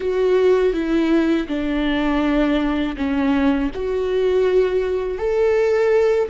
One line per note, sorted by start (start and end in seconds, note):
0.00 0.73 F#4
0.73 1.47 E4
1.47 2.96 D4
2.96 3.70 C#4
3.74 5.18 F#4
5.18 6.29 A4